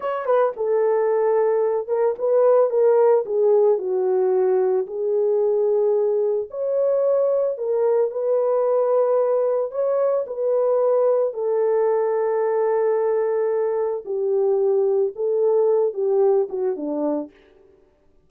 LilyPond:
\new Staff \with { instrumentName = "horn" } { \time 4/4 \tempo 4 = 111 cis''8 b'8 a'2~ a'8 ais'8 | b'4 ais'4 gis'4 fis'4~ | fis'4 gis'2. | cis''2 ais'4 b'4~ |
b'2 cis''4 b'4~ | b'4 a'2.~ | a'2 g'2 | a'4. g'4 fis'8 d'4 | }